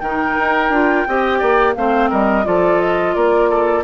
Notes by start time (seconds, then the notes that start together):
0.00 D#3 D#4 A#4 G5
0.39 D#4
0.69 D4 F4
1.08 C4 G4 D#5
1.39 A#3 D5
1.75 A3 C4 C5 F5
2.10 G3 A#4 D#5
2.44 F3 F4 A4 D5
2.80 D#5
3.14 A#3 A#4 D5
3.49 A4